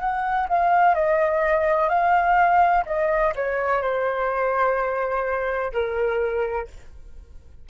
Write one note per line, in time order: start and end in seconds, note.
0.00 0.48 F#5
0.48 0.95 F5
0.95 1.89 D#5
1.89 2.84 F5
2.86 3.34 D#5
3.35 3.82 C#5
3.82 5.72 C5
5.73 6.68 A#4